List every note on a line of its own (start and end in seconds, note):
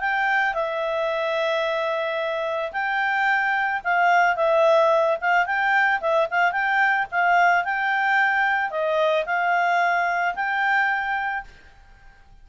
0.00 0.54 G5
0.54 2.72 E5
2.72 3.82 G5
3.84 4.36 F5
4.36 5.18 E5
5.21 5.46 F5
5.46 6.00 G5
6.01 6.28 E5
6.30 6.52 F5
6.52 7.06 G5
7.11 7.64 F5
7.64 8.70 G5
8.70 9.25 D#5
9.25 10.34 F5
10.35 11.44 G5